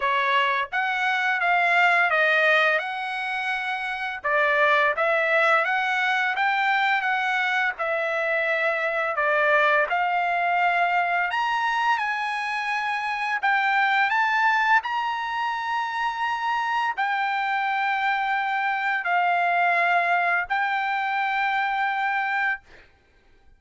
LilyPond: \new Staff \with { instrumentName = "trumpet" } { \time 4/4 \tempo 4 = 85 cis''4 fis''4 f''4 dis''4 | fis''2 d''4 e''4 | fis''4 g''4 fis''4 e''4~ | e''4 d''4 f''2 |
ais''4 gis''2 g''4 | a''4 ais''2. | g''2. f''4~ | f''4 g''2. | }